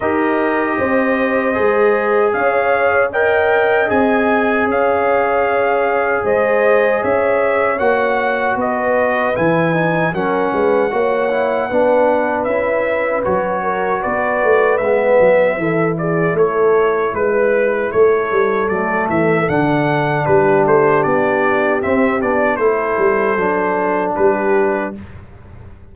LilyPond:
<<
  \new Staff \with { instrumentName = "trumpet" } { \time 4/4 \tempo 4 = 77 dis''2. f''4 | g''4 gis''4 f''2 | dis''4 e''4 fis''4 dis''4 | gis''4 fis''2. |
e''4 cis''4 d''4 e''4~ | e''8 d''8 cis''4 b'4 cis''4 | d''8 e''8 fis''4 b'8 c''8 d''4 | e''8 d''8 c''2 b'4 | }
  \new Staff \with { instrumentName = "horn" } { \time 4/4 ais'4 c''2 cis''4 | dis''2 cis''2 | c''4 cis''2 b'4~ | b'4 ais'8 b'8 cis''4 b'4~ |
b'4. ais'8 b'2 | a'8 gis'8 a'4 b'4 a'4~ | a'2 g'2~ | g'4 a'2 g'4 | }
  \new Staff \with { instrumentName = "trombone" } { \time 4/4 g'2 gis'2 | ais'4 gis'2.~ | gis'2 fis'2 | e'8 dis'8 cis'4 fis'8 e'8 d'4 |
e'4 fis'2 b4 | e'1 | a4 d'2. | c'8 d'8 e'4 d'2 | }
  \new Staff \with { instrumentName = "tuba" } { \time 4/4 dis'4 c'4 gis4 cis'4~ | cis'4 c'4 cis'2 | gis4 cis'4 ais4 b4 | e4 fis8 gis8 ais4 b4 |
cis'4 fis4 b8 a8 gis8 fis8 | e4 a4 gis4 a8 g8 | fis8 e8 d4 g8 a8 b4 | c'8 b8 a8 g8 fis4 g4 | }
>>